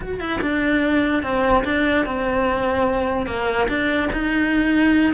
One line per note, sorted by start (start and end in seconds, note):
0.00 0.19 F#4
0.19 0.40 E4
0.41 1.23 D4
1.23 1.64 C4
1.64 2.05 D4
2.05 3.26 C4
3.26 3.67 A#3
3.68 4.09 D4
4.12 5.13 D#4